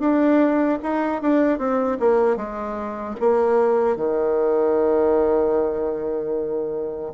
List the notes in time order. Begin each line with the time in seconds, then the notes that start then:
0.00 D4
0.83 D#4
1.22 D4
1.59 C4
2.00 A#3
2.37 G#3
3.20 A#3
3.97 D#3